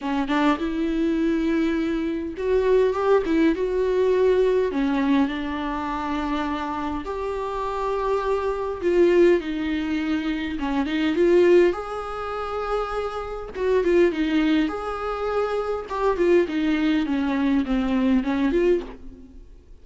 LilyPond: \new Staff \with { instrumentName = "viola" } { \time 4/4 \tempo 4 = 102 cis'8 d'8 e'2. | fis'4 g'8 e'8 fis'2 | cis'4 d'2. | g'2. f'4 |
dis'2 cis'8 dis'8 f'4 | gis'2. fis'8 f'8 | dis'4 gis'2 g'8 f'8 | dis'4 cis'4 c'4 cis'8 f'8 | }